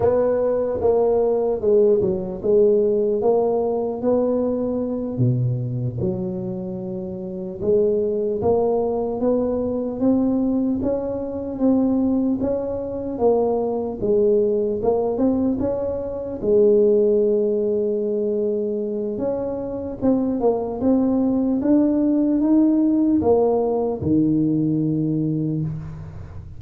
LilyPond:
\new Staff \with { instrumentName = "tuba" } { \time 4/4 \tempo 4 = 75 b4 ais4 gis8 fis8 gis4 | ais4 b4. b,4 fis8~ | fis4. gis4 ais4 b8~ | b8 c'4 cis'4 c'4 cis'8~ |
cis'8 ais4 gis4 ais8 c'8 cis'8~ | cis'8 gis2.~ gis8 | cis'4 c'8 ais8 c'4 d'4 | dis'4 ais4 dis2 | }